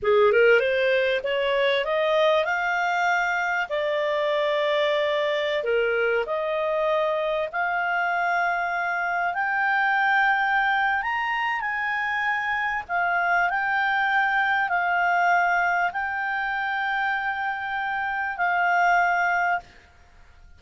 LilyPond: \new Staff \with { instrumentName = "clarinet" } { \time 4/4 \tempo 4 = 98 gis'8 ais'8 c''4 cis''4 dis''4 | f''2 d''2~ | d''4~ d''16 ais'4 dis''4.~ dis''16~ | dis''16 f''2. g''8.~ |
g''2 ais''4 gis''4~ | gis''4 f''4 g''2 | f''2 g''2~ | g''2 f''2 | }